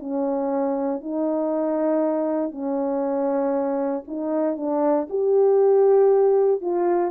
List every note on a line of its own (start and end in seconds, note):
0.00 1.01 C#4
1.01 2.51 D#4
2.51 4.04 C#4
4.08 4.57 D#4
4.57 5.08 D4
5.10 6.61 G4
6.61 7.11 F4